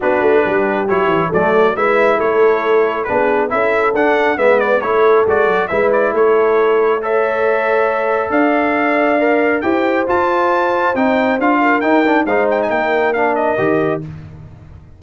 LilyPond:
<<
  \new Staff \with { instrumentName = "trumpet" } { \time 4/4 \tempo 4 = 137 b'2 cis''4 d''4 | e''4 cis''2 b'4 | e''4 fis''4 e''8 d''8 cis''4 | d''4 e''8 d''8 cis''2 |
e''2. f''4~ | f''2 g''4 a''4~ | a''4 g''4 f''4 g''4 | f''8 g''16 gis''16 g''4 f''8 dis''4. | }
  \new Staff \with { instrumentName = "horn" } { \time 4/4 fis'4 g'2 a'4 | b'4 a'2 gis'4 | a'2 b'4 a'4~ | a'4 b'4 a'2 |
cis''2. d''4~ | d''2 c''2~ | c''2~ c''8 ais'4. | c''4 ais'2. | }
  \new Staff \with { instrumentName = "trombone" } { \time 4/4 d'2 e'4 a4 | e'2. d'4 | e'4 d'4 b4 e'4 | fis'4 e'2. |
a'1~ | a'4 ais'4 g'4 f'4~ | f'4 dis'4 f'4 dis'8 d'8 | dis'2 d'4 g'4 | }
  \new Staff \with { instrumentName = "tuba" } { \time 4/4 b8 a8 g4 fis8 e8 fis4 | gis4 a2 b4 | cis'4 d'4 gis4 a4 | gis8 fis8 gis4 a2~ |
a2. d'4~ | d'2 e'4 f'4~ | f'4 c'4 d'4 dis'4 | gis4 ais2 dis4 | }
>>